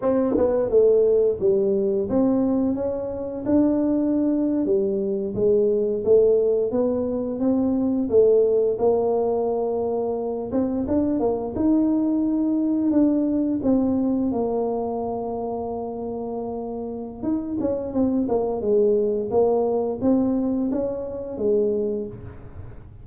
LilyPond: \new Staff \with { instrumentName = "tuba" } { \time 4/4 \tempo 4 = 87 c'8 b8 a4 g4 c'4 | cis'4 d'4.~ d'16 g4 gis16~ | gis8. a4 b4 c'4 a16~ | a8. ais2~ ais8 c'8 d'16~ |
d'16 ais8 dis'2 d'4 c'16~ | c'8. ais2.~ ais16~ | ais4 dis'8 cis'8 c'8 ais8 gis4 | ais4 c'4 cis'4 gis4 | }